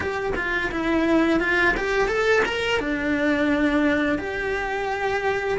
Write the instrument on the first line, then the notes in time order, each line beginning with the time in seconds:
cello
0.00 G4
0.35 F4
0.71 E4
1.40 F4
1.77 G4
2.08 A4
2.45 A#4
2.79 D4
4.18 G4